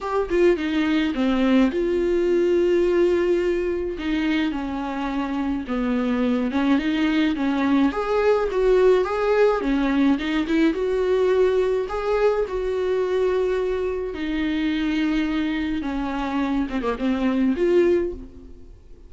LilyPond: \new Staff \with { instrumentName = "viola" } { \time 4/4 \tempo 4 = 106 g'8 f'8 dis'4 c'4 f'4~ | f'2. dis'4 | cis'2 b4. cis'8 | dis'4 cis'4 gis'4 fis'4 |
gis'4 cis'4 dis'8 e'8 fis'4~ | fis'4 gis'4 fis'2~ | fis'4 dis'2. | cis'4. c'16 ais16 c'4 f'4 | }